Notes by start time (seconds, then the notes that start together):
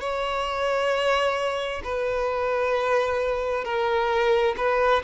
0.00 C#5
1.84 B4
3.64 A#4
4.57 B4